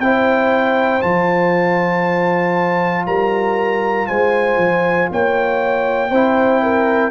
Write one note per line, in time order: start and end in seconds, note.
0.00 1.02 C4
0.00 1.01 E4
0.00 3.07 C5
0.00 1.02 G5
1.01 3.07 F3
1.01 6.10 F4
1.01 3.06 A5
3.07 4.08 G3
3.07 4.09 A#4
3.07 4.08 A#5
4.08 4.58 G#3
4.08 5.11 C5
4.08 5.09 G#5
4.58 5.08 F3
5.11 6.11 A#3
5.11 6.11 C#5
5.11 7.12 G5
6.11 7.12 C4
6.11 7.12 E4
6.11 6.61 C5
6.63 7.12 A#4